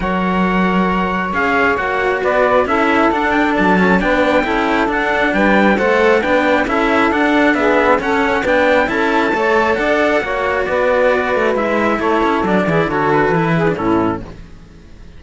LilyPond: <<
  \new Staff \with { instrumentName = "trumpet" } { \time 4/4 \tempo 4 = 135 fis''2. f''4 | fis''4 d''4 e''4 fis''8 g''8 | a''4 g''2 fis''4 | g''4 fis''4 g''4 e''4 |
fis''4 e''4 fis''4 g''4 | a''2 fis''2 | d''2 e''4 cis''4 | d''4 cis''8 b'4. a'4 | }
  \new Staff \with { instrumentName = "saxophone" } { \time 4/4 cis''1~ | cis''4 b'4 a'2~ | a'4 b'4 a'2 | b'4 c''4 b'4 a'4~ |
a'4 gis'4 a'4 b'4 | a'4 cis''4 d''4 cis''4 | b'2. a'4~ | a'8 gis'8 a'4. gis'8 e'4 | }
  \new Staff \with { instrumentName = "cello" } { \time 4/4 ais'2. gis'4 | fis'2 e'4 d'4~ | d'8 cis'8 d'4 e'4 d'4~ | d'4 a'4 d'4 e'4 |
d'4 b4 cis'4 d'4 | e'4 a'2 fis'4~ | fis'2 e'2 | d'8 e'8 fis'4 e'8. d'16 cis'4 | }
  \new Staff \with { instrumentName = "cello" } { \time 4/4 fis2. cis'4 | ais4 b4 cis'4 d'4 | fis4 b4 cis'4 d'4 | g4 a4 b4 cis'4 |
d'2 cis'4 b4 | cis'4 a4 d'4 ais4 | b4. a8 gis4 a8 cis'8 | fis8 e8 d4 e4 a,4 | }
>>